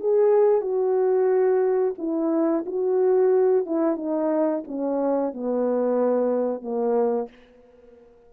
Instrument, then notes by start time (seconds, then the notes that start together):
horn
0.00 G#4
0.61 F#4
1.98 E4
2.66 F#4
3.66 E4
3.96 D#4
4.67 C#4
5.33 B3
6.62 A#3